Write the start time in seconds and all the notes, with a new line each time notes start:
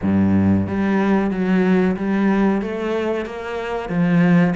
0.02 G2
0.67 G3
1.30 F#3
1.96 G3
2.61 A3
3.25 A#3
3.89 F3